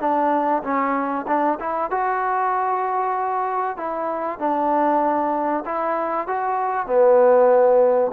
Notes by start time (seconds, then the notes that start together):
0.00 D4
0.63 C#4
1.27 D4
1.60 E4
1.91 F#4
3.77 E4
4.39 D4
5.65 E4
6.28 F#4
6.87 B3